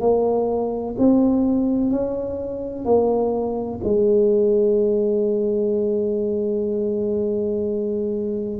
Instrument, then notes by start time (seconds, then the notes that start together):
tuba
0.00 A#3
0.98 C4
1.90 C#4
2.85 A#3
3.84 G#3